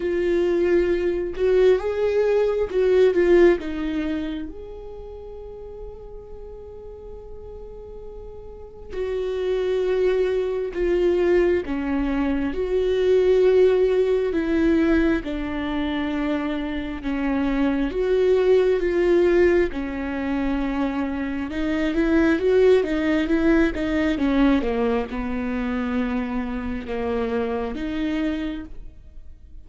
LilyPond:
\new Staff \with { instrumentName = "viola" } { \time 4/4 \tempo 4 = 67 f'4. fis'8 gis'4 fis'8 f'8 | dis'4 gis'2.~ | gis'2 fis'2 | f'4 cis'4 fis'2 |
e'4 d'2 cis'4 | fis'4 f'4 cis'2 | dis'8 e'8 fis'8 dis'8 e'8 dis'8 cis'8 ais8 | b2 ais4 dis'4 | }